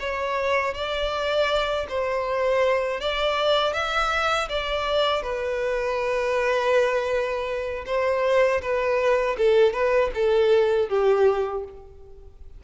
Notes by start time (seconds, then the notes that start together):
0.00 C#5
0.74 D5
1.89 C5
3.01 D5
3.74 E5
4.49 D5
5.23 B4
7.86 C5
8.62 B4
9.38 A4
9.74 B4
10.15 A4
10.89 G4